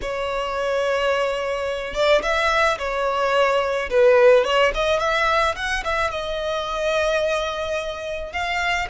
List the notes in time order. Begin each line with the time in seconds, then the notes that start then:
0.02 C#5
1.94 D5
2.22 E5
2.78 C#5
3.90 B4
4.44 C#5
4.74 D#5
4.99 E5
5.55 F#5
5.84 E5
6.10 D#5
8.32 F5